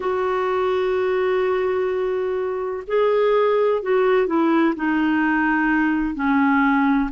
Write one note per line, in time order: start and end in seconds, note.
0.00 2.83 F#4
2.87 3.82 G#4
3.82 4.26 F#4
4.26 4.74 E4
4.75 6.14 D#4
6.14 7.10 C#4